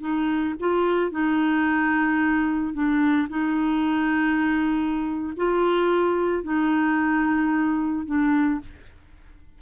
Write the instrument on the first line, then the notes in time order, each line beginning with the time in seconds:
clarinet
0.00 D#4
0.60 F4
1.11 D#4
2.73 D4
3.29 D#4
5.36 F4
6.43 D#4
8.06 D4